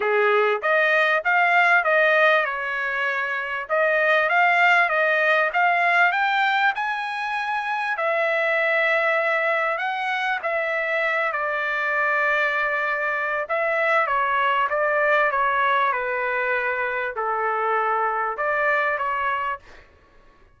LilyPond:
\new Staff \with { instrumentName = "trumpet" } { \time 4/4 \tempo 4 = 98 gis'4 dis''4 f''4 dis''4 | cis''2 dis''4 f''4 | dis''4 f''4 g''4 gis''4~ | gis''4 e''2. |
fis''4 e''4. d''4.~ | d''2 e''4 cis''4 | d''4 cis''4 b'2 | a'2 d''4 cis''4 | }